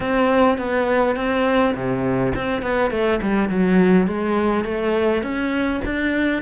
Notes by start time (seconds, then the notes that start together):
0.00 C4
0.57 B3
1.16 C4
1.74 C3
2.35 C4
2.62 B3
2.90 A3
3.22 G3
3.49 F#3
4.07 G#3
4.64 A3
5.22 C#4
5.85 D4